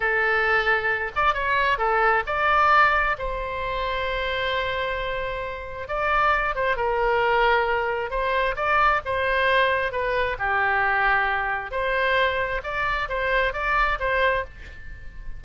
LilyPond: \new Staff \with { instrumentName = "oboe" } { \time 4/4 \tempo 4 = 133 a'2~ a'8 d''8 cis''4 | a'4 d''2 c''4~ | c''1~ | c''4 d''4. c''8 ais'4~ |
ais'2 c''4 d''4 | c''2 b'4 g'4~ | g'2 c''2 | d''4 c''4 d''4 c''4 | }